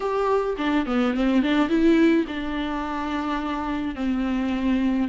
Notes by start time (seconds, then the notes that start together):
0.00 G4
0.57 D4
0.86 B3
1.14 C4
1.42 D4
1.68 E4
2.27 D4
3.95 C4